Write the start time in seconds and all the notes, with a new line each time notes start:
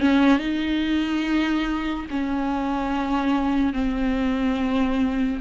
0.00 C#4
0.39 D#4
2.10 C#4
3.73 C4